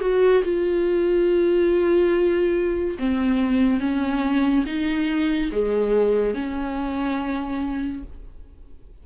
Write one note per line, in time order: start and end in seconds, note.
0.00 0.42 F#4
0.43 2.97 F4
2.99 3.80 C4
3.80 4.64 C#4
4.66 5.50 D#4
5.52 6.34 G#3
6.34 8.03 C#4